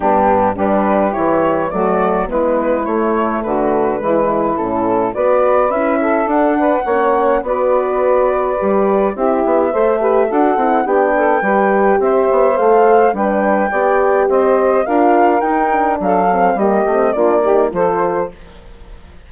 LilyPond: <<
  \new Staff \with { instrumentName = "flute" } { \time 4/4 \tempo 4 = 105 g'4 b'4 cis''4 d''4 | b'4 cis''4 b'2 | a'4 d''4 e''4 fis''4~ | fis''4 d''2. |
e''2 fis''4 g''4~ | g''4 e''4 f''4 g''4~ | g''4 dis''4 f''4 g''4 | f''4 dis''4 d''4 c''4 | }
  \new Staff \with { instrumentName = "saxophone" } { \time 4/4 d'4 g'2 fis'4 | e'2 fis'4 e'4~ | e'4 b'4. a'4 b'8 | cis''4 b'2. |
g'4 c''8 b'8 a'4 g'8 a'8 | b'4 c''2 b'4 | d''4 c''4 ais'2 | a'4 g'4 f'8 g'8 a'4 | }
  \new Staff \with { instrumentName = "horn" } { \time 4/4 b4 d'4 e'4 a4 | b4 a2 gis4 | cis'4 fis'4 e'4 d'4 | cis'4 fis'2 g'4 |
e'4 a'8 g'8 fis'8 e'8 d'4 | g'2 a'4 d'4 | g'2 f'4 dis'8 d'8~ | d'8 c'8 ais8 c'8 d'8 dis'8 f'4 | }
  \new Staff \with { instrumentName = "bassoon" } { \time 4/4 g,4 g4 e4 fis4 | gis4 a4 d4 e4 | a,4 b4 cis'4 d'4 | ais4 b2 g4 |
c'8 b8 a4 d'8 c'8 b4 | g4 c'8 b8 a4 g4 | b4 c'4 d'4 dis'4 | fis4 g8 a8 ais4 f4 | }
>>